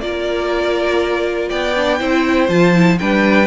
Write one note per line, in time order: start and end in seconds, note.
0.00 1.50 A#3
0.00 1.75 F4
0.00 1.49 A#4
0.00 1.49 D5
1.49 2.00 B3
1.49 1.98 D5
1.49 2.48 G5
1.75 1.99 D4
1.99 2.48 C4
1.99 2.48 E4
1.99 2.98 C5
2.48 2.98 F3
2.48 2.72 F4
2.48 2.98 A5
2.73 2.98 E4
2.98 3.46 G3
2.98 3.46 D4
2.98 3.46 B4
2.98 3.46 G5